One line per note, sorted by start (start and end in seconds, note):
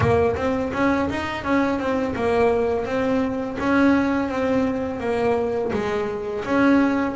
0.00 0.35 A#3
0.36 0.71 C4
0.73 1.09 C#4
1.09 1.44 D#4
1.44 1.79 C#4
1.79 2.15 C4
2.15 2.85 A#3
2.85 3.57 C4
3.59 4.29 C#4
4.29 5.00 C4
5.00 5.71 A#3
5.72 6.44 G#3
6.44 7.15 C#4